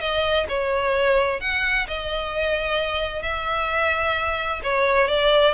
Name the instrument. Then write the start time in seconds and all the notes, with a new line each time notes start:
violin
0.00 D#5
0.49 C#5
1.41 F#5
1.87 D#5
3.22 E5
4.63 C#5
5.08 D5